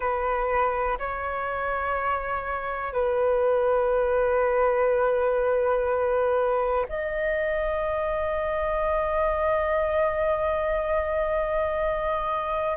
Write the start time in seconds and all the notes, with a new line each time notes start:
0.00 B4
0.98 C#5
2.92 B4
6.89 D#5